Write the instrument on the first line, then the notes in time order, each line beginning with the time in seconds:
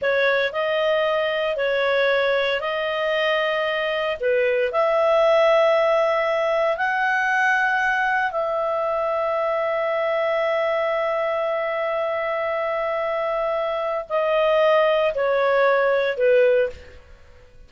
clarinet
0.01 C#5
0.52 D#5
1.56 C#5
2.60 D#5
4.20 B4
4.71 E5
6.77 F#5
8.31 E5
14.09 D#5
15.14 C#5
16.17 B4